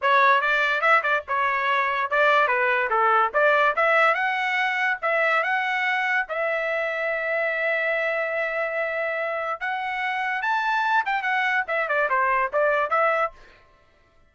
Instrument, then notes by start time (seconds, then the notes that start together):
trumpet
0.01 C#5
0.41 D5
0.81 E5
1.02 D5
1.27 C#5
2.10 D5
2.47 B4
2.90 A4
3.33 D5
3.76 E5
4.14 F#5
5.02 E5
5.43 F#5
6.29 E5
9.60 F#5
10.42 A5
11.05 G5
11.22 F#5
11.67 E5
11.88 D5
12.09 C5
12.52 D5
12.90 E5